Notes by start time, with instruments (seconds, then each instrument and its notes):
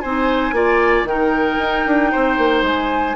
0.00 bassoon C4, clarinet D#4, oboe C5, flute G#5
0.52 bassoon A#3, clarinet F4, oboe D5
1.03 bassoon D#3, clarinet D#4, oboe A#4, flute G5
1.59 bassoon D#4
1.86 bassoon D4
2.11 bassoon C4, oboe C5
2.37 bassoon A#3
2.62 bassoon G#3, flute G#5